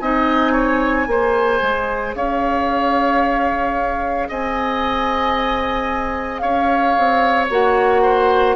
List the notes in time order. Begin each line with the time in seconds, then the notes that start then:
0.00 C4 D#4 D#5 G#5
0.52 C#5
1.07 A#3 G#4 C5
1.62 G#3
2.15 C#4 C#5 F5
4.29 C4 D#5 G#5
6.38 C#4 C#5 F5
6.98 C4
7.50 A#3 F#4 F#5
8.02 C5